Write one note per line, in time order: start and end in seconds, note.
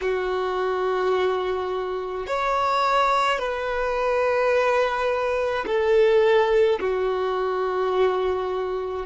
0.01 2.26 F#4
2.26 3.39 C#5
3.39 5.65 B4
5.66 6.79 A4
6.79 9.06 F#4